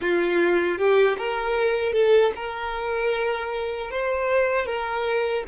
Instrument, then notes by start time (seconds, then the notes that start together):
violin
0.01 F4
0.78 G4
1.18 A#4
1.93 A4
2.35 A#4
3.91 C5
4.65 A#4